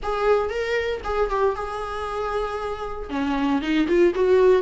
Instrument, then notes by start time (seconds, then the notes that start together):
viola
0.02 G#4
0.49 A#4
1.04 G#4
1.30 G4
1.55 G#4
3.09 C#4
3.61 D#4
3.87 F4
4.14 F#4